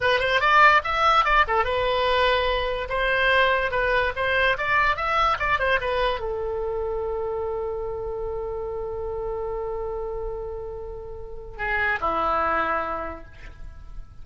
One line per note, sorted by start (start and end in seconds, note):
0.00 0.19 B4
0.19 0.40 C5
0.40 0.81 D5
0.84 1.24 E5
1.24 1.45 D5
1.47 1.64 A4
1.64 2.88 B4
2.89 3.71 C5
3.71 4.12 B4
4.16 4.57 C5
4.57 4.96 D5
4.96 5.37 E5
5.39 5.59 D5
5.59 5.79 C5
5.80 6.20 B4
6.20 11.57 A4
11.57 11.99 G#4
12.00 13.24 E4